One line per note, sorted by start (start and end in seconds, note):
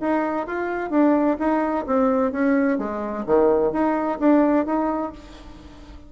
0.00 0.47 D#4
0.47 0.90 F4
0.90 1.37 D4
1.39 1.85 D#4
1.86 2.32 C4
2.32 2.78 C#4
2.78 3.25 G#3
3.26 3.72 D#3
3.72 4.19 D#4
4.19 4.66 D4
4.66 5.12 D#4